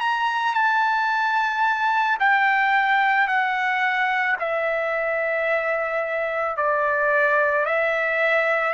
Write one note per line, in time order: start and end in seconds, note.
0.00 0.54 A#5
0.54 2.17 A5
2.20 3.27 G5
3.27 4.36 F#5
4.40 6.57 E5
6.57 7.66 D5
7.66 8.73 E5